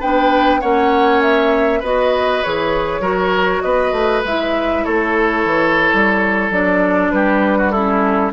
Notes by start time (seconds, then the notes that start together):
0.00 B3 D4 B4 G5
0.61 A#3 C#4 C#5 F#5
1.22 E5
1.80 B3 F#4 B4 D#5
2.43 E3 G#4 C#5
3.00 F#3 F#4 A#4
3.62 B3 B4 D#5
3.92 A3
4.24 G#3 E4 E5
4.84 A3 A4 C#5
5.45 E3
5.94 G3
6.50 F#3 D4 D5
7.11 G3 G4 B4
7.58 F#4
7.71 C#4 E4 A4